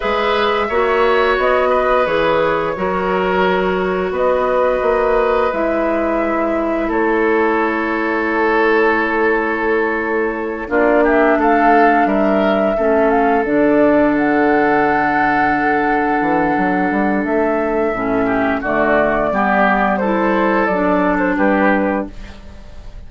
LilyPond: <<
  \new Staff \with { instrumentName = "flute" } { \time 4/4 \tempo 4 = 87 e''2 dis''4 cis''4~ | cis''2 dis''2 | e''2 cis''2~ | cis''2.~ cis''8 d''8 |
e''8 f''4 e''4. f''8 d''8~ | d''8 fis''2.~ fis''8~ | fis''4 e''2 d''4~ | d''4 c''4 d''8. c''16 b'4 | }
  \new Staff \with { instrumentName = "oboe" } { \time 4/4 b'4 cis''4. b'4. | ais'2 b'2~ | b'2 a'2~ | a'2.~ a'8 f'8 |
g'8 a'4 ais'4 a'4.~ | a'1~ | a'2~ a'8 g'8 fis'4 | g'4 a'2 g'4 | }
  \new Staff \with { instrumentName = "clarinet" } { \time 4/4 gis'4 fis'2 gis'4 | fis'1 | e'1~ | e'2.~ e'8 d'8~ |
d'2~ d'8 cis'4 d'8~ | d'1~ | d'2 cis'4 a4 | b4 e'4 d'2 | }
  \new Staff \with { instrumentName = "bassoon" } { \time 4/4 gis4 ais4 b4 e4 | fis2 b4 ais4 | gis2 a2~ | a2.~ a8 ais8~ |
ais8 a4 g4 a4 d8~ | d2.~ d8 e8 | fis8 g8 a4 a,4 d4 | g2 fis4 g4 | }
>>